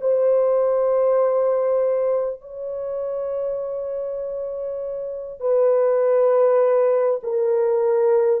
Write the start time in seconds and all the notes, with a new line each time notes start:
0.00 C5
2.40 C#5
5.40 B4
7.23 A#4